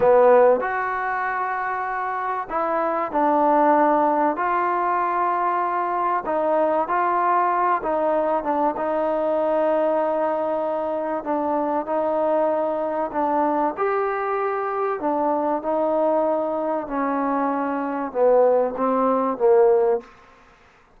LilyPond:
\new Staff \with { instrumentName = "trombone" } { \time 4/4 \tempo 4 = 96 b4 fis'2. | e'4 d'2 f'4~ | f'2 dis'4 f'4~ | f'8 dis'4 d'8 dis'2~ |
dis'2 d'4 dis'4~ | dis'4 d'4 g'2 | d'4 dis'2 cis'4~ | cis'4 b4 c'4 ais4 | }